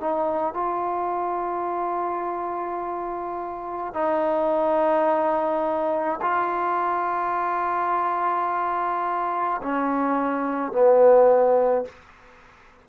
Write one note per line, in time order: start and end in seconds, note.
0.00 0.54 D#4
0.54 3.94 F4
3.94 6.20 D#4
6.22 9.61 F4
9.62 10.72 C#4
10.72 11.85 B3